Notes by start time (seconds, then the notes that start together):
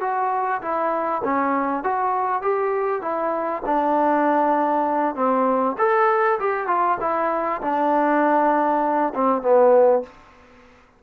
0.00 F#4
0.61 E4
1.24 C#4
1.83 F#4
2.42 G4
3.01 E4
3.65 D4
5.15 C4
5.78 A4
6.39 G4
6.67 F4
7.00 E4
7.61 D4
9.14 C4
9.42 B3